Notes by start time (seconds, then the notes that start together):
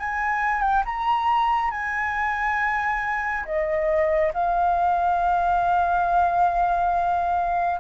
0.00 G#5
0.62 G5
0.85 A#5
1.71 G#5
3.45 D#5
4.34 F5